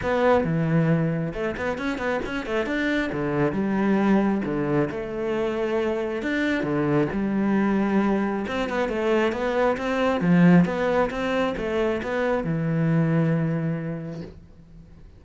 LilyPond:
\new Staff \with { instrumentName = "cello" } { \time 4/4 \tempo 4 = 135 b4 e2 a8 b8 | cis'8 b8 cis'8 a8 d'4 d4 | g2 d4 a4~ | a2 d'4 d4 |
g2. c'8 b8 | a4 b4 c'4 f4 | b4 c'4 a4 b4 | e1 | }